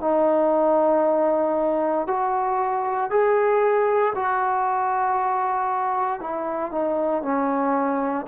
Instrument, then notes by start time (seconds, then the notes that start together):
trombone
0.00 D#4
2.07 F#4
3.10 G#4
4.15 F#4
6.20 E4
6.71 D#4
7.22 C#4